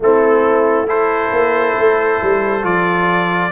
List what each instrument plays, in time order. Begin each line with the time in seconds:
0.00 tuba A3, trombone C4, horn E4, trumpet A4
0.86 trombone E4, horn A4, trumpet C5
1.31 tuba A#3
1.77 tuba A3
2.22 tuba G3
2.62 tuba F3, trombone F4, trumpet D5